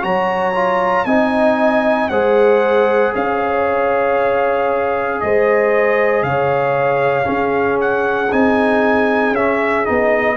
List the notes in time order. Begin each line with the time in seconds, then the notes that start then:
0.00 F#3 F#4 C#5 A#5
0.54 F4
1.05 C4 D#4 D#5 G#5
2.09 G#3 G#4 C5 F#5
3.14 C#4 C#5 F5
5.20 G#3 C5 D#5
6.22 C#3 C#5 F5
7.23 C#4 G#4
7.80 F#5
8.31 C4 D#4 G#5
9.31 C#4 E5
9.85 B3 D#4 D#5